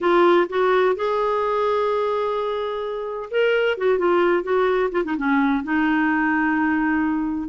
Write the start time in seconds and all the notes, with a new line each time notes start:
0.00 F4
0.49 F#4
0.95 G#4
3.30 A#4
3.77 F#4
3.98 F4
4.43 F#4
4.91 F4
5.04 D#4
5.17 C#4
5.63 D#4